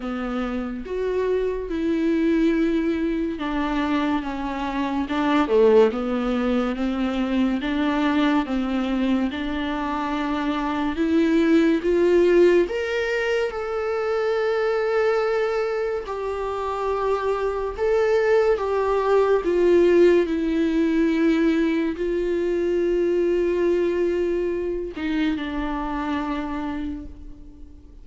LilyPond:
\new Staff \with { instrumentName = "viola" } { \time 4/4 \tempo 4 = 71 b4 fis'4 e'2 | d'4 cis'4 d'8 a8 b4 | c'4 d'4 c'4 d'4~ | d'4 e'4 f'4 ais'4 |
a'2. g'4~ | g'4 a'4 g'4 f'4 | e'2 f'2~ | f'4. dis'8 d'2 | }